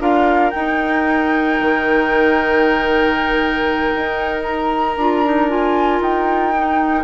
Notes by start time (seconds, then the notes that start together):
0.00 D4 F4 A#4 F5
0.51 D#4 G5
1.60 D#3
3.95 D#4
4.44 A#5
4.97 D4 F4
5.25 D#4
5.49 F4 G#5
6.00 D#4 G5
6.56 D#4